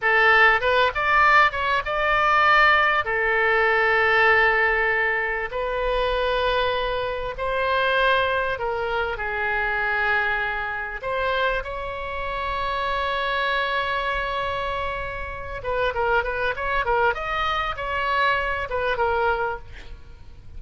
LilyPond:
\new Staff \with { instrumentName = "oboe" } { \time 4/4 \tempo 4 = 98 a'4 b'8 d''4 cis''8 d''4~ | d''4 a'2.~ | a'4 b'2. | c''2 ais'4 gis'4~ |
gis'2 c''4 cis''4~ | cis''1~ | cis''4. b'8 ais'8 b'8 cis''8 ais'8 | dis''4 cis''4. b'8 ais'4 | }